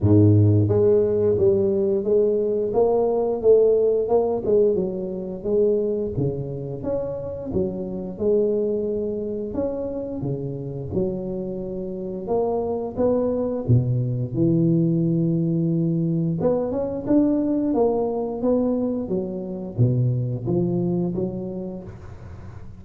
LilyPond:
\new Staff \with { instrumentName = "tuba" } { \time 4/4 \tempo 4 = 88 gis,4 gis4 g4 gis4 | ais4 a4 ais8 gis8 fis4 | gis4 cis4 cis'4 fis4 | gis2 cis'4 cis4 |
fis2 ais4 b4 | b,4 e2. | b8 cis'8 d'4 ais4 b4 | fis4 b,4 f4 fis4 | }